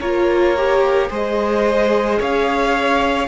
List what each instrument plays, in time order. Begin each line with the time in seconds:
0.00 cello A#3, viola F4, violin A#4 C#5
0.57 viola G4
1.09 cello G#3, viola G#4, violin C5 D#5
2.19 cello C#4, violin C#5 F5